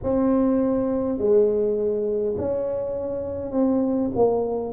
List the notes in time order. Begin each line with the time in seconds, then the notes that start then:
0.03 C4
1.18 G#3
2.37 C#4
3.51 C4
4.14 A#3